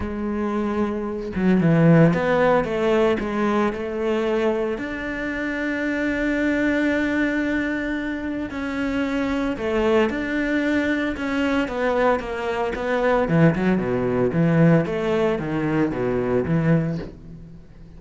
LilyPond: \new Staff \with { instrumentName = "cello" } { \time 4/4 \tempo 4 = 113 gis2~ gis8 fis8 e4 | b4 a4 gis4 a4~ | a4 d'2.~ | d'1 |
cis'2 a4 d'4~ | d'4 cis'4 b4 ais4 | b4 e8 fis8 b,4 e4 | a4 dis4 b,4 e4 | }